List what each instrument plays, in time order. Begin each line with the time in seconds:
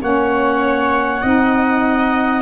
0.00 tuba A#3, saxophone C#4, viola C#5, clarinet F#5
1.22 tuba C4, saxophone D#4, viola D#5